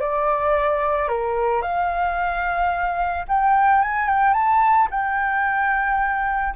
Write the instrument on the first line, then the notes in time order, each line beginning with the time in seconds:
flute
0.00 D5
1.08 A#4
1.62 F5
3.28 G5
3.82 G#5
4.08 G5
4.33 A5
4.91 G5